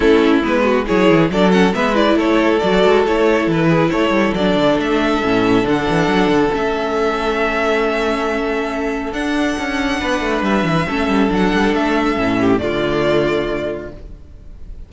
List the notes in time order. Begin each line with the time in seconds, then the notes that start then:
0.00 A3 C#4 E4 A4
0.42 G#3 B3 B4
0.63 F#4
0.86 F#3 E4 G#4 C#5
1.10 E3
1.29 F#3 D4 A4 D5
1.51 C#4 F#5
1.73 G#3 B3 B4 E5
1.94 E4 D5
2.15 A3 A4 C#5
2.59 F#3 F#4 D5
2.84 G#3
3.06 A3 E4 C#5
3.46 E3 B4
3.68 G#4
3.90 A3 A4 C#5
4.10 G3
4.33 F#3 D4 D5
4.55 D3
4.78 A3 E5
5.22 A2 C#4
5.61 D3 D4
5.68 F#5
5.89 E3
6.07 F#3
6.27 D3
6.51 A3 C#4 E5
9.12 D4 F#5
9.58 C#4
9.99 B3 B4
10.20 A3
10.42 G3 E5
10.63 E3
10.87 A3 C#4 A4
11.08 G3
11.29 F#3 D4 F#5
11.53 G3
11.73 A3 E5
12.15 A2 C#4
12.39 G4
12.58 D3 A3 F4 D5